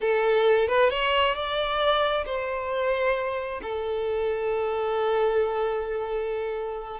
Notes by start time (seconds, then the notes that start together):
0.00 A4
0.68 B4
0.89 C#5
1.34 D5
2.25 C5
3.62 A4